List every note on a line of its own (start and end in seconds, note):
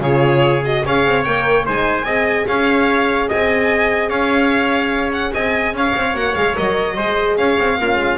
0.00 0.82 C#3
0.00 0.63 F4
0.00 0.84 G#4
0.00 0.63 C#5
0.64 0.84 F#4
0.64 0.85 D#5
0.84 1.05 C#4
0.84 1.25 G#4
0.84 1.65 C#5
0.84 1.23 F5
1.05 1.25 C4
1.23 1.67 A#3
1.23 1.65 A#4
1.23 1.64 G5
1.65 2.04 G#3
1.65 2.04 D#4
1.65 2.04 C5
1.65 2.47 G#5
2.04 2.44 C4
2.04 6.12 G#4
2.04 2.45 D#5
2.47 3.29 C#4
2.47 3.28 C#5
2.47 3.28 F5
3.28 4.09 C4
3.28 4.09 D#5
3.28 4.09 G#5
4.09 5.32 C#4
4.09 5.31 C#5
4.09 5.11 F5
5.13 5.33 F#5
5.33 5.73 C4
5.33 5.74 D#5
5.33 5.74 G#5
5.73 5.93 C#4
5.73 6.95 C#5
5.73 6.16 F5
5.95 6.14 C4
6.12 6.34 A#3
6.12 6.32 F#4
6.12 6.35 F#5
6.35 6.56 G#3
6.35 6.55 G#4
6.35 6.55 F5
6.55 6.97 F#3
6.55 6.96 A#4
6.55 7.37 D#5
6.95 7.37 G#3
6.95 7.78 G#4
6.95 7.36 C5
7.37 7.57 C#4
7.37 7.79 C#5
7.37 8.17 F5
7.59 7.78 C4
7.78 7.95 A#3
7.78 8.17 C#4
7.78 8.17 F4
7.95 8.16 G#3